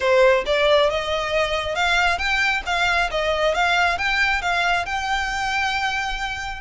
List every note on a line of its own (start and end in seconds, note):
0.00 0.44 C5
0.45 0.89 D5
0.89 1.75 D#5
1.75 2.18 F5
2.18 2.62 G5
2.66 3.10 F5
3.10 3.54 D#5
3.54 3.97 F5
3.97 4.41 G5
4.41 4.85 F5
4.85 6.61 G5